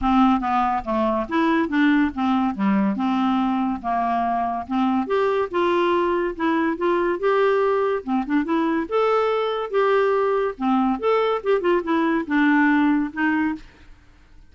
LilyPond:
\new Staff \with { instrumentName = "clarinet" } { \time 4/4 \tempo 4 = 142 c'4 b4 a4 e'4 | d'4 c'4 g4 c'4~ | c'4 ais2 c'4 | g'4 f'2 e'4 |
f'4 g'2 c'8 d'8 | e'4 a'2 g'4~ | g'4 c'4 a'4 g'8 f'8 | e'4 d'2 dis'4 | }